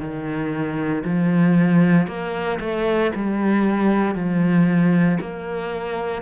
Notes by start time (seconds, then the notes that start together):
0.00 D#3
1.04 F3
2.07 A#3
2.60 A3
3.16 G3
4.15 F3
5.21 A#3